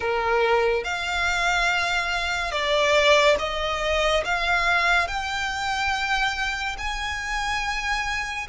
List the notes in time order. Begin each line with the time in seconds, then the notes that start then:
0.00 A#4
0.84 F5
2.51 D5
3.38 D#5
4.24 F5
5.07 G5
6.78 G#5